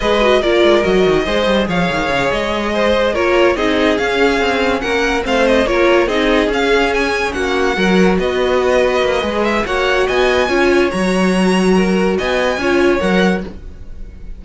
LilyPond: <<
  \new Staff \with { instrumentName = "violin" } { \time 4/4 \tempo 4 = 143 dis''4 d''4 dis''2 | f''4. dis''2 cis''8~ | cis''8 dis''4 f''2 fis''8~ | fis''8 f''8 dis''8 cis''4 dis''4 f''8~ |
f''8 gis''4 fis''2 dis''8~ | dis''2~ dis''8 e''8 fis''4 | gis''2 ais''2~ | ais''4 gis''2 fis''4 | }
  \new Staff \with { instrumentName = "violin" } { \time 4/4 b'4 ais'2 c''4 | cis''2~ cis''8 c''4 ais'8~ | ais'8 gis'2. ais'8~ | ais'8 c''4 ais'4 gis'4.~ |
gis'4. fis'4 ais'4 b'8~ | b'2. cis''4 | dis''4 cis''2. | ais'4 dis''4 cis''2 | }
  \new Staff \with { instrumentName = "viola" } { \time 4/4 gis'8 fis'8 f'4 fis'4 gis'4~ | gis'2.~ gis'8 f'8~ | f'8 dis'4 cis'2~ cis'8~ | cis'8 c'4 f'4 dis'4 cis'8~ |
cis'2~ cis'8 fis'4.~ | fis'2 gis'4 fis'4~ | fis'4 f'4 fis'2~ | fis'2 f'4 ais'4 | }
  \new Staff \with { instrumentName = "cello" } { \time 4/4 gis4 ais8 gis8 fis8 dis8 gis8 g8 | f8 dis8 cis8 gis2 ais8~ | ais8 c'4 cis'4 c'4 ais8~ | ais8 a4 ais4 c'4 cis'8~ |
cis'4. ais4 fis4 b8~ | b4. ais8 gis4 ais4 | b4 cis'4 fis2~ | fis4 b4 cis'4 fis4 | }
>>